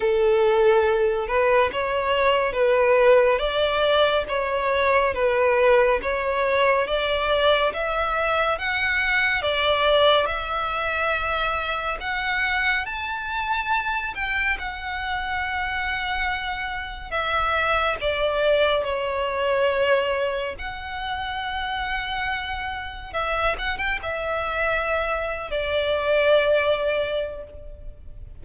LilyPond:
\new Staff \with { instrumentName = "violin" } { \time 4/4 \tempo 4 = 70 a'4. b'8 cis''4 b'4 | d''4 cis''4 b'4 cis''4 | d''4 e''4 fis''4 d''4 | e''2 fis''4 a''4~ |
a''8 g''8 fis''2. | e''4 d''4 cis''2 | fis''2. e''8 fis''16 g''16 | e''4.~ e''16 d''2~ d''16 | }